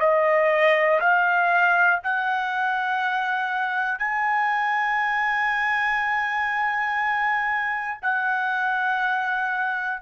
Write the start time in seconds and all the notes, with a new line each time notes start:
0.00 D#5
1.00 F5
2.04 F#5
3.99 G#5
8.01 F#5